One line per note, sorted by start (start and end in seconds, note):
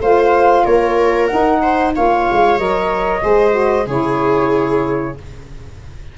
0.00 0.65 A3
0.00 1.29 F4
0.00 0.64 C5
0.00 0.66 F5
0.64 1.31 A#3
0.64 1.61 A#4
0.64 1.27 C#5
1.27 1.94 D#4
1.27 1.92 F#5
1.34 1.98 D#4
1.62 1.94 C5
1.95 2.30 A#3
1.95 2.58 F4
1.95 3.23 C#5
1.95 2.59 F5
2.32 2.59 G#3
2.58 3.23 F#3
2.58 3.21 A#4
2.58 3.88 D#5
3.21 3.87 G#3
3.21 3.51 G#4
3.21 3.87 C5
3.51 3.84 F#4
3.87 5.16 C#3
3.87 5.17 E4
3.87 5.16 G#4
3.87 5.18 C#5